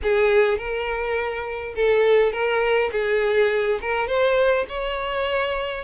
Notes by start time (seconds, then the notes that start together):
0.02 G#4
0.57 A#4
1.75 A4
2.32 A#4
2.92 G#4
3.81 A#4
4.07 C5
4.68 C#5